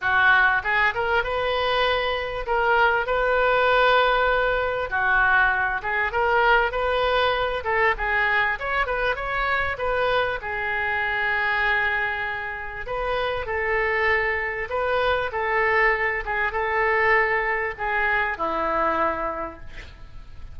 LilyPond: \new Staff \with { instrumentName = "oboe" } { \time 4/4 \tempo 4 = 98 fis'4 gis'8 ais'8 b'2 | ais'4 b'2. | fis'4. gis'8 ais'4 b'4~ | b'8 a'8 gis'4 cis''8 b'8 cis''4 |
b'4 gis'2.~ | gis'4 b'4 a'2 | b'4 a'4. gis'8 a'4~ | a'4 gis'4 e'2 | }